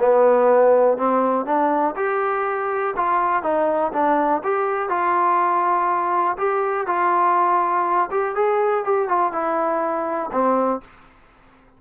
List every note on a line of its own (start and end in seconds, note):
0.00 0.98 B3
0.98 1.46 C4
1.46 1.95 D4
1.96 2.95 G4
2.97 3.43 F4
3.43 3.92 D#4
3.93 4.43 D4
4.44 4.90 G4
4.90 6.37 F4
6.38 6.87 G4
6.87 8.10 F4
8.11 8.36 G4
8.36 8.85 G#4
8.85 9.09 G4
9.09 9.33 F4
9.33 10.31 E4
10.32 10.82 C4